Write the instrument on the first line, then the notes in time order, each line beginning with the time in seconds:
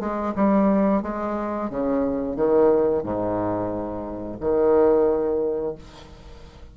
bassoon
0.00 G#3
0.36 G3
1.03 G#3
1.70 C#3
2.36 D#3
3.03 G#2
4.40 D#3